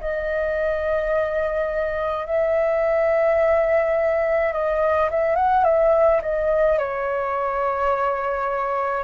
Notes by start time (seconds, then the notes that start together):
0.00 D#5
2.26 E5
4.52 D#5
5.10 E5
5.35 F#5
5.64 E5
6.22 D#5
6.78 C#5